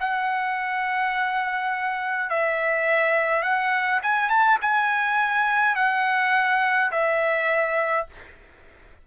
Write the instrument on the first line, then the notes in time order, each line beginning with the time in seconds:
trumpet
0.00 F#5
2.30 E5
3.42 F#5
4.02 G#5
4.30 A5
4.61 G#5
5.75 F#5
6.91 E5